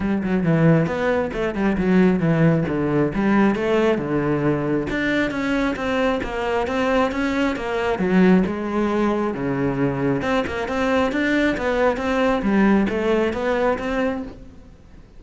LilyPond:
\new Staff \with { instrumentName = "cello" } { \time 4/4 \tempo 4 = 135 g8 fis8 e4 b4 a8 g8 | fis4 e4 d4 g4 | a4 d2 d'4 | cis'4 c'4 ais4 c'4 |
cis'4 ais4 fis4 gis4~ | gis4 cis2 c'8 ais8 | c'4 d'4 b4 c'4 | g4 a4 b4 c'4 | }